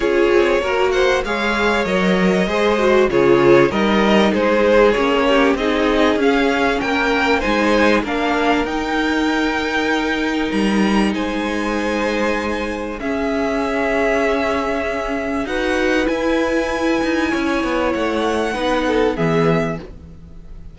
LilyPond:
<<
  \new Staff \with { instrumentName = "violin" } { \time 4/4 \tempo 4 = 97 cis''4. fis''8 f''4 dis''4~ | dis''4 cis''4 dis''4 c''4 | cis''4 dis''4 f''4 g''4 | gis''4 f''4 g''2~ |
g''4 ais''4 gis''2~ | gis''4 e''2.~ | e''4 fis''4 gis''2~ | gis''4 fis''2 e''4 | }
  \new Staff \with { instrumentName = "violin" } { \time 4/4 gis'4 ais'8 c''8 cis''2 | c''4 gis'4 ais'4 gis'4~ | gis'8 g'8 gis'2 ais'4 | c''4 ais'2.~ |
ais'2 c''2~ | c''4 gis'2.~ | gis'4 b'2. | cis''2 b'8 a'8 gis'4 | }
  \new Staff \with { instrumentName = "viola" } { \time 4/4 f'4 fis'4 gis'4 ais'4 | gis'8 fis'8 f'4 dis'2 | cis'4 dis'4 cis'2 | dis'4 d'4 dis'2~ |
dis'1~ | dis'4 cis'2.~ | cis'4 fis'4 e'2~ | e'2 dis'4 b4 | }
  \new Staff \with { instrumentName = "cello" } { \time 4/4 cis'8 c'8 ais4 gis4 fis4 | gis4 cis4 g4 gis4 | ais4 c'4 cis'4 ais4 | gis4 ais4 dis'2~ |
dis'4 g4 gis2~ | gis4 cis'2.~ | cis'4 dis'4 e'4. dis'8 | cis'8 b8 a4 b4 e4 | }
>>